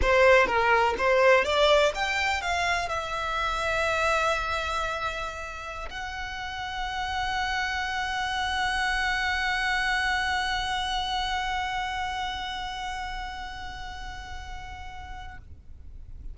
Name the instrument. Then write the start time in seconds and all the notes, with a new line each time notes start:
violin
0.01 C5
0.46 A#4
0.97 C5
1.44 D5
1.94 G5
2.41 F5
2.88 E5
5.89 F#5